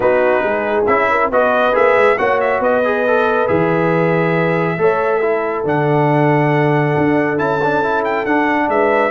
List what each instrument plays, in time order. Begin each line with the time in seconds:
0.00 tuba B3, trombone D#4, horn F#4, trumpet B4
0.42 tuba G#3, horn G#4
0.86 tuba C#4, trombone E4, trumpet E5
1.10 horn A#4
1.30 tuba B3, trombone F#4, horn B4, trumpet D#5
1.73 tuba A#3, trombone G#4, trumpet E5
1.96 tuba G#3
2.18 tuba A#3, trombone F#4, horn C#5, trumpet F#5
2.40 trumpet E5
2.59 tuba B3, horn B4, trumpet D#5
2.84 trombone G#4
3.07 trombone A4
3.47 tuba E3, trombone G#4, trumpet E5
4.78 tuba A3, trombone A4, horn C#5
5.17 trombone E4, horn A4
5.64 tuba D3, trombone D4, trumpet F#5
6.97 tuba D4
7.37 tuba C#4, trombone E4, trumpet A5
7.63 trombone D4
7.82 trombone E4
8.04 trumpet G5
8.25 tuba D4, trombone D4, trumpet F#5
8.68 tuba G#3, horn B4, trumpet E5